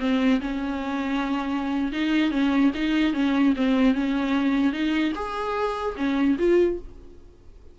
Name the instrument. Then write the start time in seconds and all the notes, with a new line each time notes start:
viola
0.00 C4
0.41 C#4
1.92 D#4
2.31 C#4
2.75 D#4
3.14 C#4
3.56 C4
3.94 C#4
4.73 D#4
5.15 G#4
5.97 C#4
6.39 F4